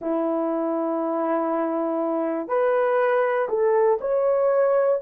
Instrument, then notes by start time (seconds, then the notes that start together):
horn
0.00 E4
2.48 B4
3.49 A4
4.00 C#5